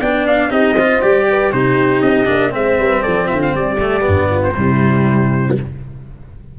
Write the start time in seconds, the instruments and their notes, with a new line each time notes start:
0.00 tuba B3, cello D4, horn D5, trumpet G5
0.27 trumpet F5
0.50 tuba C4, cello D#4, horn G4, trumpet D#5
0.75 cello F4, horn C5
1.01 tuba G3, cello G4, trumpet D5
1.29 horn B4
1.51 tuba C3, cello D#4, horn G4, trumpet C5
2.01 tuba C4, trumpet D#5
2.25 tuba A#3, cello D4
2.50 tuba G#3, cello C4, horn C5, trumpet E5
2.79 tuba G3, horn B4
3.02 tuba F3, horn A4, trumpet D5
3.27 tuba D3, horn F4, trumpet E5
3.42 trumpet F5
3.54 tuba G3, horn G4, trumpet D5
3.79 cello A3
4.01 cello B3
4.07 tuba G2
4.30 horn F4
4.43 trumpet C5
4.56 tuba C3, cello G3, horn E4